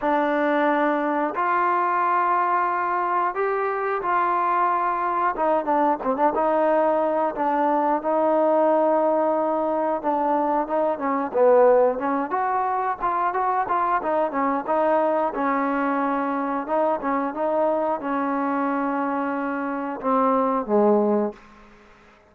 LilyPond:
\new Staff \with { instrumentName = "trombone" } { \time 4/4 \tempo 4 = 90 d'2 f'2~ | f'4 g'4 f'2 | dis'8 d'8 c'16 d'16 dis'4. d'4 | dis'2. d'4 |
dis'8 cis'8 b4 cis'8 fis'4 f'8 | fis'8 f'8 dis'8 cis'8 dis'4 cis'4~ | cis'4 dis'8 cis'8 dis'4 cis'4~ | cis'2 c'4 gis4 | }